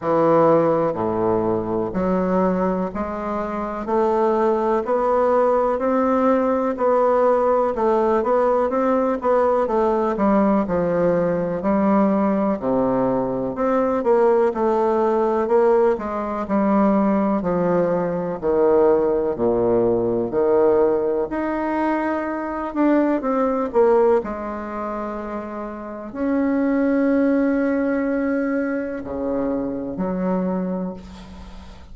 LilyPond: \new Staff \with { instrumentName = "bassoon" } { \time 4/4 \tempo 4 = 62 e4 a,4 fis4 gis4 | a4 b4 c'4 b4 | a8 b8 c'8 b8 a8 g8 f4 | g4 c4 c'8 ais8 a4 |
ais8 gis8 g4 f4 dis4 | ais,4 dis4 dis'4. d'8 | c'8 ais8 gis2 cis'4~ | cis'2 cis4 fis4 | }